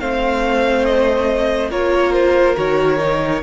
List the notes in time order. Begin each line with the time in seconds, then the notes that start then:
0.00 A3 C4 C5 F5
0.86 D#5
1.70 A#3 F4 A#4 C#5
2.13 C5
2.57 D#3 F#4 C#5
2.99 D#4